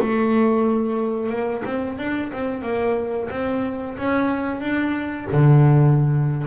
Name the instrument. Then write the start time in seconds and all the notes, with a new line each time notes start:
double bass
0.00 A3
1.30 A#3
1.65 C4
1.98 D4
2.33 C4
2.63 A#3
3.31 C4
3.98 C#4
4.61 D4
5.32 D3